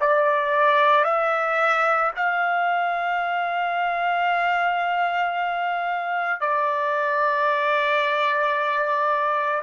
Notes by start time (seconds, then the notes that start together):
0.00 D5
1.04 E5
2.16 F5
6.40 D5